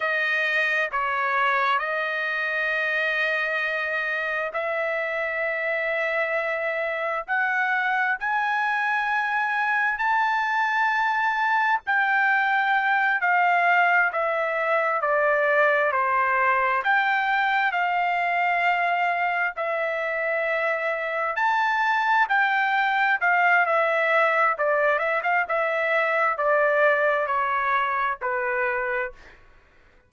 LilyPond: \new Staff \with { instrumentName = "trumpet" } { \time 4/4 \tempo 4 = 66 dis''4 cis''4 dis''2~ | dis''4 e''2. | fis''4 gis''2 a''4~ | a''4 g''4. f''4 e''8~ |
e''8 d''4 c''4 g''4 f''8~ | f''4. e''2 a''8~ | a''8 g''4 f''8 e''4 d''8 e''16 f''16 | e''4 d''4 cis''4 b'4 | }